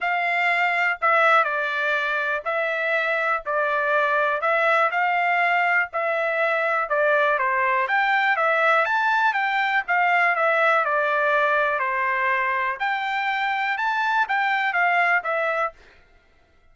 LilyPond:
\new Staff \with { instrumentName = "trumpet" } { \time 4/4 \tempo 4 = 122 f''2 e''4 d''4~ | d''4 e''2 d''4~ | d''4 e''4 f''2 | e''2 d''4 c''4 |
g''4 e''4 a''4 g''4 | f''4 e''4 d''2 | c''2 g''2 | a''4 g''4 f''4 e''4 | }